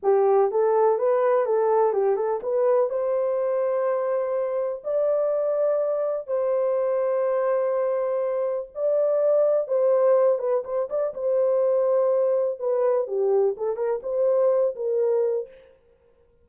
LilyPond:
\new Staff \with { instrumentName = "horn" } { \time 4/4 \tempo 4 = 124 g'4 a'4 b'4 a'4 | g'8 a'8 b'4 c''2~ | c''2 d''2~ | d''4 c''2.~ |
c''2 d''2 | c''4. b'8 c''8 d''8 c''4~ | c''2 b'4 g'4 | a'8 ais'8 c''4. ais'4. | }